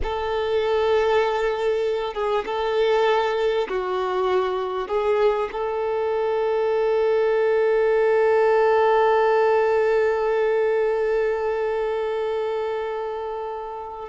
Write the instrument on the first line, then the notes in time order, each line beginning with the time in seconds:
violin
0.02 A4
2.14 G#4
2.45 A4
3.68 F#4
4.88 G#4
5.52 A4